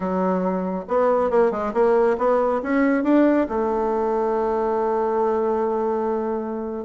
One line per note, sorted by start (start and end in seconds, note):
0.00 0.84 F#3
0.88 1.30 B3
1.30 1.51 A#3
1.51 1.72 G#3
1.73 2.16 A#3
2.17 2.61 B3
2.62 3.03 C#4
3.03 3.47 D4
3.49 6.85 A3